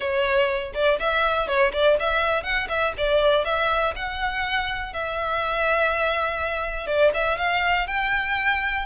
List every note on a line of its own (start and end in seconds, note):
0.00 0.72 C#5
0.74 0.98 D5
0.99 1.47 E5
1.47 1.72 C#5
1.72 1.97 D5
1.99 2.43 E5
2.43 2.67 F#5
2.68 2.93 E5
2.97 3.44 D5
3.44 3.93 E5
3.95 4.93 F#5
4.93 6.86 E5
6.86 7.11 D5
7.13 7.38 E5
7.38 7.87 F5
7.87 8.85 G5